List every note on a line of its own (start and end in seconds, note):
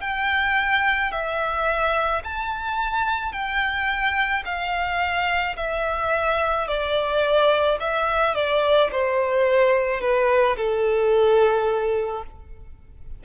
0.00 1.11 G5
1.11 2.22 E5
2.24 3.32 A5
3.32 4.43 G5
4.45 5.56 F5
5.56 6.67 E5
6.67 7.78 D5
7.80 8.35 E5
8.35 8.90 D5
8.91 10.01 C5
10.01 10.56 B4
10.57 12.23 A4